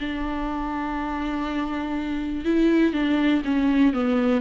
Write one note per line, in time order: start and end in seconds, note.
0.00 2.45 D4
2.45 2.93 E4
2.93 3.42 D4
3.45 3.93 C#4
3.93 4.41 B3